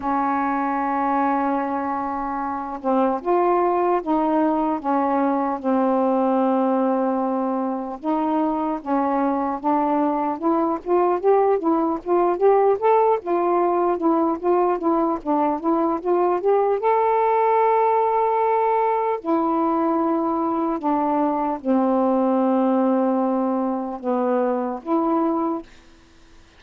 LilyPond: \new Staff \with { instrumentName = "saxophone" } { \time 4/4 \tempo 4 = 75 cis'2.~ cis'8 c'8 | f'4 dis'4 cis'4 c'4~ | c'2 dis'4 cis'4 | d'4 e'8 f'8 g'8 e'8 f'8 g'8 |
a'8 f'4 e'8 f'8 e'8 d'8 e'8 | f'8 g'8 a'2. | e'2 d'4 c'4~ | c'2 b4 e'4 | }